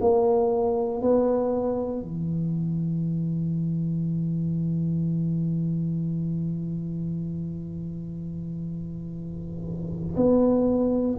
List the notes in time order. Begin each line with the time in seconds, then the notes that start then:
0.00 A#3
1.01 B3
2.02 E3
10.16 B3